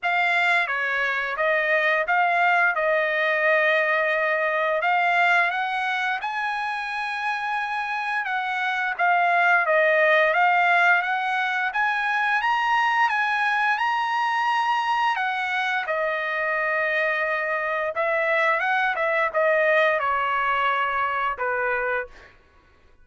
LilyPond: \new Staff \with { instrumentName = "trumpet" } { \time 4/4 \tempo 4 = 87 f''4 cis''4 dis''4 f''4 | dis''2. f''4 | fis''4 gis''2. | fis''4 f''4 dis''4 f''4 |
fis''4 gis''4 ais''4 gis''4 | ais''2 fis''4 dis''4~ | dis''2 e''4 fis''8 e''8 | dis''4 cis''2 b'4 | }